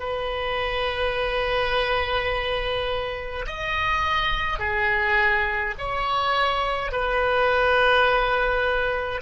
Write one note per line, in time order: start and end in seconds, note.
0.00 3.46 B4
3.47 4.59 D#5
4.59 5.75 G#4
5.78 6.92 C#5
6.92 9.22 B4